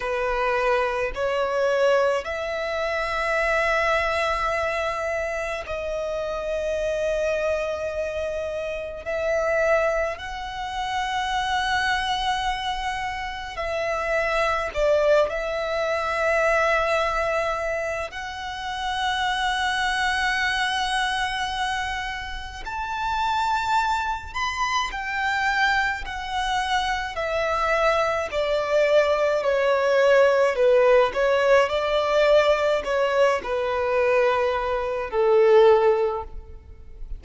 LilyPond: \new Staff \with { instrumentName = "violin" } { \time 4/4 \tempo 4 = 53 b'4 cis''4 e''2~ | e''4 dis''2. | e''4 fis''2. | e''4 d''8 e''2~ e''8 |
fis''1 | a''4. b''8 g''4 fis''4 | e''4 d''4 cis''4 b'8 cis''8 | d''4 cis''8 b'4. a'4 | }